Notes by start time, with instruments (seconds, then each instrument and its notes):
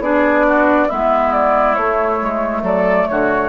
0.00 bassoon B3, clarinet D4, oboe G#4, flute D5
0.48 oboe F#4
0.88 bassoon G#3, clarinet B3, oboe E4, flute E5
1.33 flute D5
1.75 bassoon A3, clarinet A3, flute C#5
2.22 bassoon G#3
2.62 bassoon F#3, oboe A4, flute D5
3.08 bassoon D3, oboe F#4, flute C#5